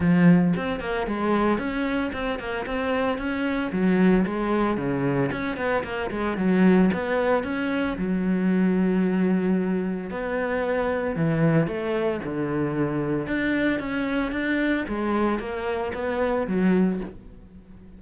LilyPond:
\new Staff \with { instrumentName = "cello" } { \time 4/4 \tempo 4 = 113 f4 c'8 ais8 gis4 cis'4 | c'8 ais8 c'4 cis'4 fis4 | gis4 cis4 cis'8 b8 ais8 gis8 | fis4 b4 cis'4 fis4~ |
fis2. b4~ | b4 e4 a4 d4~ | d4 d'4 cis'4 d'4 | gis4 ais4 b4 fis4 | }